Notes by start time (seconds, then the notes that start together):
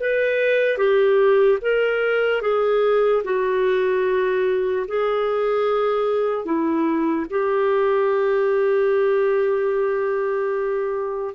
0.00 B4
0.78 G4
1.61 A#4
2.42 G#4
3.24 F#4
4.88 G#4
6.45 E4
7.30 G4